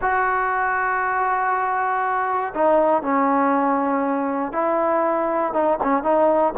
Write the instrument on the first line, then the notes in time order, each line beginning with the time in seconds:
trombone
0.01 F#4
2.54 D#4
3.02 C#4
4.52 E4
5.53 D#4
5.83 C#4
6.03 D#4